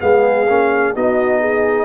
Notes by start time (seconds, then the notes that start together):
0.00 G#3 B3 G#4 F5
0.49 A#3 C#4
0.95 B3 D#4 F#4 D#5
1.40 G#4